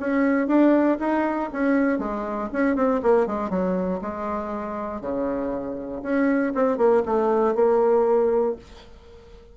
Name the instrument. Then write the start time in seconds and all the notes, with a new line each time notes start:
bassoon
0.00 C#4
0.47 D4
0.99 D#4
1.53 C#4
1.99 G#3
2.53 C#4
2.76 C4
3.03 A#3
3.27 G#3
3.50 F#3
4.02 G#3
5.01 C#3
6.03 C#4
6.55 C4
6.77 A#3
7.05 A3
7.55 A#3